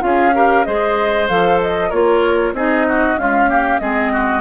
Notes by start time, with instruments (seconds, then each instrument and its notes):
0.00 bassoon C#4, clarinet F4, oboe G#4, flute F5
0.34 clarinet G4, oboe A#4
0.64 bassoon G#3, clarinet G#4, oboe C5, flute D#5
1.28 bassoon F3, clarinet A4, flute F5
1.61 flute D#5
1.89 bassoon A#3, clarinet F4, oboe A#4, flute C#5
2.53 bassoon C4, clarinet D#4, oboe G#4, flute D#5
2.88 oboe F#4
3.17 clarinet G#3, bassoon C#4, oboe F4, flute F5
3.47 clarinet A#3, oboe G4
3.79 bassoon G#3, clarinet C4, oboe G#4, flute D#5
4.12 oboe F#4